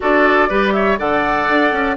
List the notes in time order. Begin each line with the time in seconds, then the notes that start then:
0.00 D4 F#4 A4 D5
0.48 G3 G4 B4
0.72 C#5 E5
0.98 D3 A4 D5 F#5
1.48 D4
1.71 C#4